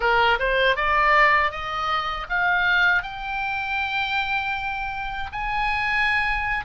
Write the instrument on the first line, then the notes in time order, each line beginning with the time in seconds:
oboe
0.00 A#4
0.39 C5
0.76 D5
1.51 D#5
2.29 F5
3.02 G5
5.32 G#5